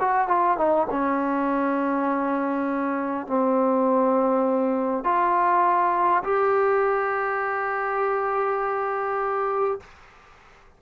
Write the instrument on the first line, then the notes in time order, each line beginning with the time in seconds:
trombone
0.00 F#4
0.28 F4
0.58 D#4
0.90 C#4
3.27 C4
5.05 F4
6.24 G4